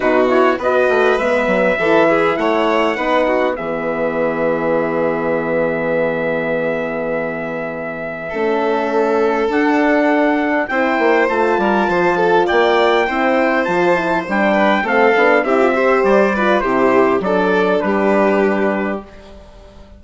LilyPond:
<<
  \new Staff \with { instrumentName = "trumpet" } { \time 4/4 \tempo 4 = 101 b'8 cis''8 dis''4 e''2 | fis''2 e''2~ | e''1~ | e''1 |
fis''2 g''4 a''4~ | a''4 g''2 a''4 | g''4 f''4 e''4 d''4 | c''4 d''4 b'2 | }
  \new Staff \with { instrumentName = "violin" } { \time 4/4 fis'4 b'2 a'8 gis'8 | cis''4 b'8 fis'8 gis'2~ | gis'1~ | gis'2 a'2~ |
a'2 c''4. ais'8 | c''8 a'8 d''4 c''2~ | c''8 b'8 a'4 g'8 c''4 b'8 | g'4 a'4 g'2 | }
  \new Staff \with { instrumentName = "horn" } { \time 4/4 dis'8 e'8 fis'4 b4 e'4~ | e'4 dis'4 b2~ | b1~ | b2 cis'2 |
d'2 e'4 f'4~ | f'2 e'4 f'8 e'8 | d'4 c'8 d'8 e'16 f'16 g'4 f'8 | e'4 d'2. | }
  \new Staff \with { instrumentName = "bassoon" } { \time 4/4 b,4 b8 a8 gis8 fis8 e4 | a4 b4 e2~ | e1~ | e2 a2 |
d'2 c'8 ais8 a8 g8 | f4 ais4 c'4 f4 | g4 a8 b8 c'4 g4 | c4 fis4 g2 | }
>>